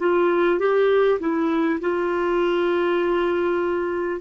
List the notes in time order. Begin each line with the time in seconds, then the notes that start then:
0.00 F4
0.59 G4
1.19 E4
1.81 F4